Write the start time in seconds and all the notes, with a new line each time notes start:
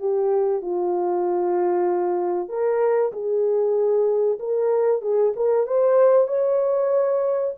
0.00 G4
0.62 F4
2.49 A#4
3.13 G#4
4.40 A#4
5.02 G#4
5.36 A#4
5.67 C5
6.28 C#5